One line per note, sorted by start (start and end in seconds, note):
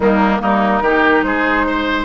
0.00 0.41 D#3
0.00 0.40 G3
0.00 0.41 A#3
0.00 0.41 D#4
0.40 0.81 G3
0.40 0.81 A#3
0.40 0.83 D#4
0.40 1.23 A#4
0.81 1.22 D#3
0.81 2.04 D#4
0.81 1.24 G4
1.23 2.04 G#3
1.23 1.66 G#4
1.23 2.04 C5
1.66 2.04 C5